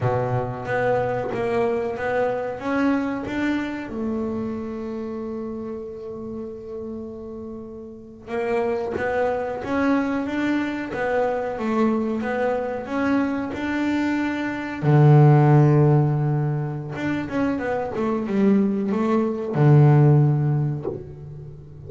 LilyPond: \new Staff \with { instrumentName = "double bass" } { \time 4/4 \tempo 4 = 92 b,4 b4 ais4 b4 | cis'4 d'4 a2~ | a1~ | a8. ais4 b4 cis'4 d'16~ |
d'8. b4 a4 b4 cis'16~ | cis'8. d'2 d4~ d16~ | d2 d'8 cis'8 b8 a8 | g4 a4 d2 | }